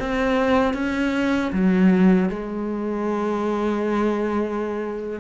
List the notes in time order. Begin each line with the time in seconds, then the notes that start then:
0.00 C4
0.74 C#4
1.53 F#3
2.30 G#3